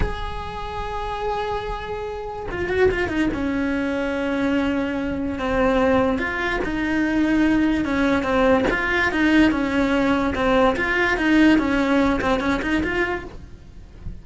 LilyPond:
\new Staff \with { instrumentName = "cello" } { \time 4/4 \tempo 4 = 145 gis'1~ | gis'2 f'8 fis'8 f'8 dis'8 | cis'1~ | cis'4 c'2 f'4 |
dis'2. cis'4 | c'4 f'4 dis'4 cis'4~ | cis'4 c'4 f'4 dis'4 | cis'4. c'8 cis'8 dis'8 f'4 | }